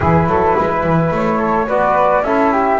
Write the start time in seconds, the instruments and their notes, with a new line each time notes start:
0.00 double bass E3, trombone E4, flute G#4 B4
0.26 double bass F#3, flute A4
0.55 double bass G#3, flute B4
0.83 double bass E3
1.11 double bass A3, flute C#5
1.38 flute A4
1.66 double bass B3, trombone F#4, flute B4 D5
2.21 double bass C#4, trombone E4, flute A4 E5
2.52 flute G4